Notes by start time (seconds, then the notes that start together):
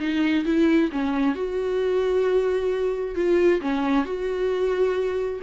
0.00 D#4
0.46 E4
0.92 C#4
1.36 F#4
3.16 F4
3.62 C#4
4.06 F#4